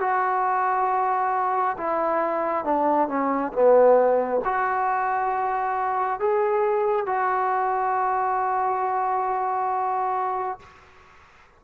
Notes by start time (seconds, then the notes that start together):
0.00 F#4
1.77 E4
2.65 D4
3.08 C#4
3.53 B3
4.45 F#4
6.20 G#4
7.06 F#4